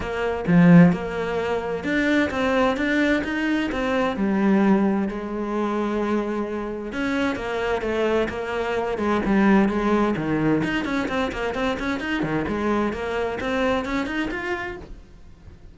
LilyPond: \new Staff \with { instrumentName = "cello" } { \time 4/4 \tempo 4 = 130 ais4 f4 ais2 | d'4 c'4 d'4 dis'4 | c'4 g2 gis4~ | gis2. cis'4 |
ais4 a4 ais4. gis8 | g4 gis4 dis4 dis'8 cis'8 | c'8 ais8 c'8 cis'8 dis'8 dis8 gis4 | ais4 c'4 cis'8 dis'8 f'4 | }